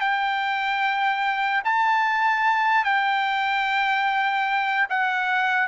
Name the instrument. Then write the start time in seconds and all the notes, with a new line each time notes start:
trumpet
0.00 G5
1.64 A5
2.84 G5
4.89 F#5